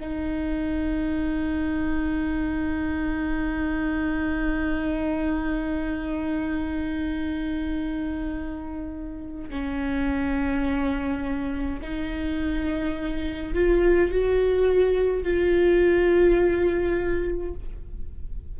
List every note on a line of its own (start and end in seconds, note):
0.00 9.50 D#4
9.50 11.81 C#4
11.81 13.54 D#4
13.54 14.11 F4
14.11 15.23 F#4
15.23 17.54 F4